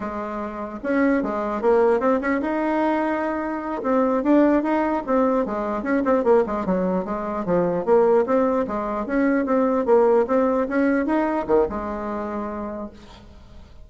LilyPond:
\new Staff \with { instrumentName = "bassoon" } { \time 4/4 \tempo 4 = 149 gis2 cis'4 gis4 | ais4 c'8 cis'8 dis'2~ | dis'4. c'4 d'4 dis'8~ | dis'8 c'4 gis4 cis'8 c'8 ais8 |
gis8 fis4 gis4 f4 ais8~ | ais8 c'4 gis4 cis'4 c'8~ | c'8 ais4 c'4 cis'4 dis'8~ | dis'8 dis8 gis2. | }